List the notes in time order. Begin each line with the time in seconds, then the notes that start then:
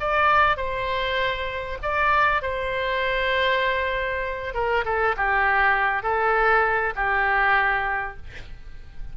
0.00 D5
0.57 C5
1.82 D5
2.42 C5
4.54 A#4
4.85 A4
5.17 G4
6.02 A4
6.95 G4